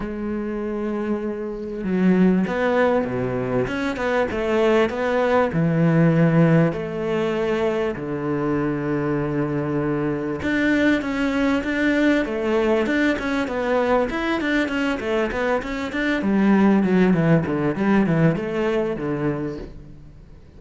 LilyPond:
\new Staff \with { instrumentName = "cello" } { \time 4/4 \tempo 4 = 98 gis2. fis4 | b4 b,4 cis'8 b8 a4 | b4 e2 a4~ | a4 d2.~ |
d4 d'4 cis'4 d'4 | a4 d'8 cis'8 b4 e'8 d'8 | cis'8 a8 b8 cis'8 d'8 g4 fis8 | e8 d8 g8 e8 a4 d4 | }